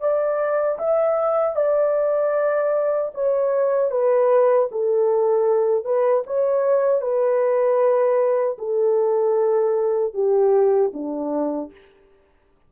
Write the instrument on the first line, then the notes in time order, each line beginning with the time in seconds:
horn
0.00 D5
0.78 E5
1.55 D5
3.14 C#5
3.91 B4
4.71 A4
5.84 B4
6.26 C#5
7.01 B4
8.58 A4
10.13 G4
10.93 D4